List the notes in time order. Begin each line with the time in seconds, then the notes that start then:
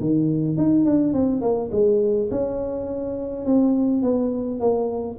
0.00 D#3
0.57 D#4
0.85 D4
1.13 C4
1.41 A#3
1.72 G#3
2.30 C#4
3.45 C4
4.02 B3
4.60 A#3